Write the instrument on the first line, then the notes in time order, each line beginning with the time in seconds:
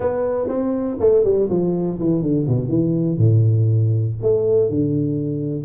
tuba
0.00 B3
0.48 C4
1.00 A3
1.24 G3
1.49 F3
1.99 E3
2.22 D3
2.47 B2
2.68 E3
3.17 A2
4.22 A3
4.69 D3